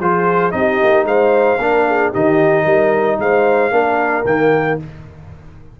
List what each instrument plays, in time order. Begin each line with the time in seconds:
0.00 tuba F3, trombone F4, horn G#4, trumpet C5
0.51 tuba C4, trombone D#4, horn G4, trumpet D#5
0.84 tuba A#3
1.05 tuba G#3, horn C5, trumpet F5
1.59 tuba A#3, trombone D4, horn A#4
1.87 horn G#4
2.12 tuba D#3, trombone D#4, horn G4, trumpet D#5
2.64 tuba G3, horn A#4
3.19 tuba G#3, horn C5, trumpet F5
3.72 tuba A#3, trombone D4, horn A#4
4.25 tuba D#3, trombone A#3, trumpet G5